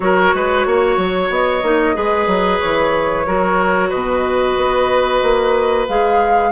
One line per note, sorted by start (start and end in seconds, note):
0.00 0.33 F#3
0.00 1.62 F#4
0.00 0.35 A#4
0.00 1.30 C#5
0.34 0.65 G#3
0.34 0.67 B4
0.65 0.97 A#3
0.65 1.96 C#5
0.97 1.29 F#3
1.29 1.62 B3
1.29 2.60 D#5
1.62 1.95 A#3
1.62 1.94 D#4
1.94 2.26 G#3
1.94 3.24 G#4
1.94 3.26 B4
2.26 2.59 F#3
2.60 3.26 E3
2.60 3.90 C#5
3.26 3.92 F#3
3.26 5.87 F#4
3.26 3.89 A#4
3.89 4.56 B2
3.89 6.50 B4
3.89 5.86 D#5
4.56 5.21 B3
5.22 5.87 A#3
5.88 6.51 G#3
5.88 6.51 G#4
5.88 6.51 F5